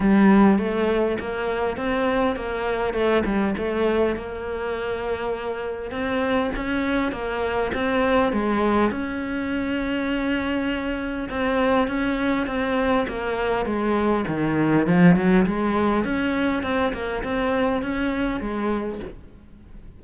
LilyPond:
\new Staff \with { instrumentName = "cello" } { \time 4/4 \tempo 4 = 101 g4 a4 ais4 c'4 | ais4 a8 g8 a4 ais4~ | ais2 c'4 cis'4 | ais4 c'4 gis4 cis'4~ |
cis'2. c'4 | cis'4 c'4 ais4 gis4 | dis4 f8 fis8 gis4 cis'4 | c'8 ais8 c'4 cis'4 gis4 | }